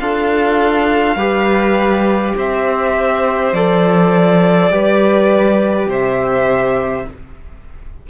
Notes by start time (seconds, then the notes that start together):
0.00 D4 F4 A4 F5
1.16 G3 G4 B4
2.37 C4 C5 E5
3.53 F3 A4 D5
4.71 G3 G4 B4
5.87 C3 C5 E5